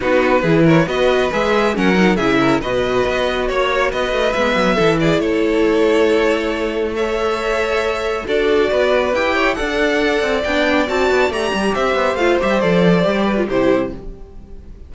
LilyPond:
<<
  \new Staff \with { instrumentName = "violin" } { \time 4/4 \tempo 4 = 138 b'4. cis''8 dis''4 e''4 | fis''4 e''4 dis''2 | cis''4 dis''4 e''4. d''8 | cis''1 |
e''2. d''4~ | d''4 g''4 fis''2 | g''4 a''4 ais''4 e''4 | f''8 e''8 d''2 c''4 | }
  \new Staff \with { instrumentName = "violin" } { \time 4/4 fis'4 gis'8 ais'8 b'2 | ais'4 gis'8 ais'8 b'2 | cis''4 b'2 a'8 gis'8 | a'1 |
cis''2. a'4 | b'4. cis''8 d''2~ | d''2. c''4~ | c''2~ c''8 b'8 g'4 | }
  \new Staff \with { instrumentName = "viola" } { \time 4/4 dis'4 e'4 fis'4 gis'4 | cis'8 dis'8 e'4 fis'2~ | fis'2 b4 e'4~ | e'1 |
a'2. fis'4~ | fis'4 g'4 a'2 | d'4 fis'4 g'2 | f'8 g'8 a'4 g'8. f'16 e'4 | }
  \new Staff \with { instrumentName = "cello" } { \time 4/4 b4 e4 b4 gis4 | fis4 cis4 b,4 b4 | ais4 b8 a8 gis8 fis8 e4 | a1~ |
a2. d'4 | b4 e'4 d'4. c'8 | b4 c'8 b8 a8 g8 c'8 b8 | a8 g8 f4 g4 c4 | }
>>